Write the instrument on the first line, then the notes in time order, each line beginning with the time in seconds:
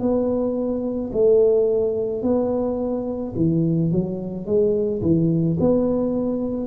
tuba
0.00 B3
1.13 A3
2.23 B3
3.36 E3
3.92 F#3
4.46 G#3
5.03 E3
5.60 B3